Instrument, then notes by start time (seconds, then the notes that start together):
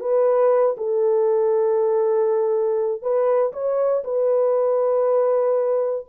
horn
0.00 B4
0.77 A4
3.02 B4
3.53 C#5
4.04 B4